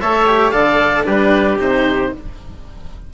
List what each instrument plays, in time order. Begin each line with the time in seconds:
0.00 bassoon A3, cello A4, trumpet C#5, oboe E5
0.27 cello G4
0.51 bassoon D3, cello A4, trumpet D5, oboe F5
1.03 bassoon G3, cello D4, trumpet G4, oboe B4
1.59 bassoon C3, cello D#4, oboe C5